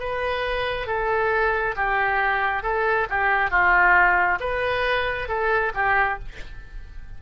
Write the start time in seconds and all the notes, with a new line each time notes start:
0.00 B4
0.87 A4
1.76 G4
2.63 A4
3.10 G4
3.51 F4
4.40 B4
5.29 A4
5.75 G4